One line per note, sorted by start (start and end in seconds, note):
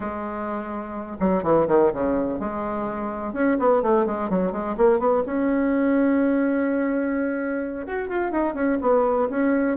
0.00 1.16 G#3
1.20 1.43 F#3
1.43 1.67 E3
1.67 1.91 D#3
1.93 2.39 C#3
2.39 3.33 G#3
3.33 3.57 C#4
3.59 3.82 B3
3.82 4.06 A3
4.06 4.29 G#3
4.29 4.52 F#3
4.52 4.76 G#3
4.77 4.99 A#3
4.99 5.23 B3
5.26 7.86 C#4
7.86 8.08 F#4
8.08 8.31 F4
8.31 8.54 D#4
8.54 8.78 C#4
8.81 9.29 B3
9.29 9.77 C#4